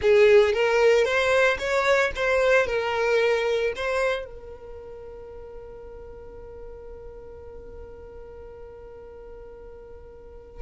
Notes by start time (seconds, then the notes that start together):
0.01 G#4
0.53 A#4
1.04 C5
1.58 C#5
2.15 C5
2.66 A#4
3.76 C5
4.25 A#4